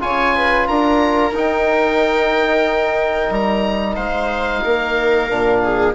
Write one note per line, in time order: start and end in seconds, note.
0.00 0.68 C#3
0.00 1.32 F4
0.00 0.35 C#5
0.00 0.67 G#5
0.35 0.68 B4
0.67 1.31 D4
0.67 3.96 A#4
0.67 1.33 A#5
1.31 3.29 D#4
1.31 5.29 D#4
1.38 3.33 G5
3.30 3.96 G3
3.30 3.95 A#5
3.95 4.64 G#3
3.95 4.62 C5
3.95 5.93 F5
4.64 5.31 A#3
4.64 5.63 A#4
5.29 5.95 A#2
5.29 5.95 D4
5.63 5.95 G#4